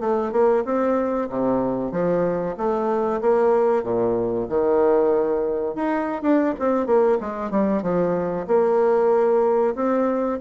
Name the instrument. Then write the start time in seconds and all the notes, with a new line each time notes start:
bassoon
0.00 A3
0.32 A#3
0.65 C4
1.29 C3
1.91 F3
2.57 A3
3.21 A#3
3.83 A#2
4.49 D#3
5.75 D#4
6.22 D4
6.59 C4
6.86 A#3
7.20 G#3
7.51 G3
7.82 F3
8.47 A#3
9.75 C4